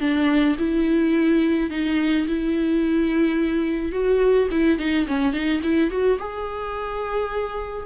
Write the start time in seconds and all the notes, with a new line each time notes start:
0.00 D4
0.58 E4
1.70 D#4
2.27 E4
3.92 F#4
4.51 E4
4.78 D#4
5.07 C#4
5.33 D#4
5.63 E4
5.90 F#4
6.19 G#4